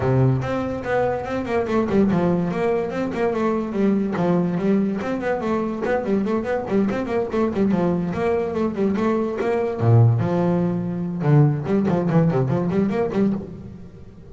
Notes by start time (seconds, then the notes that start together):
0.00 C3
0.41 C4
0.84 B3
1.25 C4
1.45 A#3
1.67 A3
1.89 G3
2.10 F3
2.51 A#3
2.90 C4
3.14 A#3
3.33 A3
3.72 G3
4.16 F3
4.57 G3
5.01 C4
5.20 B3
5.40 A3
5.85 B3
6.04 G3
6.25 A3
6.43 B3
6.68 G3
6.90 C4
7.05 A#3
7.32 A3
7.53 G3
7.71 F3
8.13 A#3
8.54 A3
8.75 G3
8.96 A3
9.40 A#3
9.80 A#2
10.19 F3
11.22 D3
11.66 G3
11.88 F3
12.09 E3
12.30 C3
12.48 F3
12.70 G3
12.89 A#3
13.12 G3